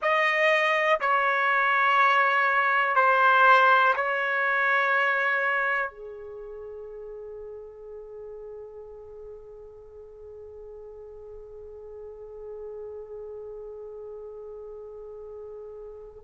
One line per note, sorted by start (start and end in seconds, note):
0.01 1.00 D#5
1.00 2.95 C#5
2.95 3.93 C5
3.95 5.90 C#5
5.90 16.23 G#4